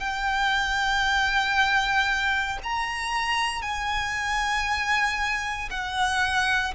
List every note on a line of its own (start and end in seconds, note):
0.00 2.59 G5
2.63 3.63 A#5
3.63 5.69 G#5
5.71 6.74 F#5